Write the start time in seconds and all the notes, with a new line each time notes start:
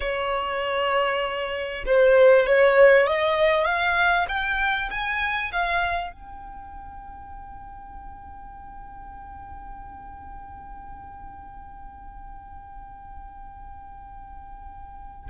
0.00 C#5
1.86 C5
2.46 C#5
3.06 D#5
3.65 F5
4.28 G5
4.90 G#5
5.52 F5
6.12 G5